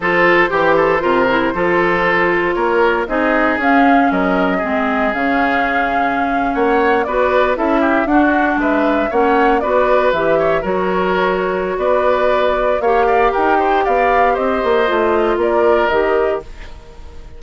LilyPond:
<<
  \new Staff \with { instrumentName = "flute" } { \time 4/4 \tempo 4 = 117 c''1~ | c''4 cis''4 dis''4 f''4 | dis''2 f''2~ | f''8. fis''4 d''4 e''4 fis''16~ |
fis''8. e''4 fis''4 d''4 e''16~ | e''8. cis''2~ cis''16 d''4~ | d''4 f''4 g''4 f''4 | dis''2 d''4 dis''4 | }
  \new Staff \with { instrumentName = "oboe" } { \time 4/4 a'4 g'8 a'8 ais'4 a'4~ | a'4 ais'4 gis'2 | ais'4 gis'2.~ | gis'8. cis''4 b'4 a'8 g'8 fis'16~ |
fis'8. b'4 cis''4 b'4~ b'16~ | b'16 cis''8 ais'2~ ais'16 b'4~ | b'4 cis''8 d''8 ais'8 c''8 d''4 | c''2 ais'2 | }
  \new Staff \with { instrumentName = "clarinet" } { \time 4/4 f'4 g'4 f'8 e'8 f'4~ | f'2 dis'4 cis'4~ | cis'4 c'4 cis'2~ | cis'4.~ cis'16 fis'4 e'4 d'16~ |
d'4.~ d'16 cis'4 fis'4 g'16~ | g'8. fis'2.~ fis'16~ | fis'4 g'2.~ | g'4 f'2 g'4 | }
  \new Staff \with { instrumentName = "bassoon" } { \time 4/4 f4 e4 c4 f4~ | f4 ais4 c'4 cis'4 | fis4 gis4 cis2~ | cis8. ais4 b4 cis'4 d'16~ |
d'8. gis4 ais4 b4 e16~ | e8. fis2~ fis16 b4~ | b4 ais4 dis'4 b4 | c'8 ais8 a4 ais4 dis4 | }
>>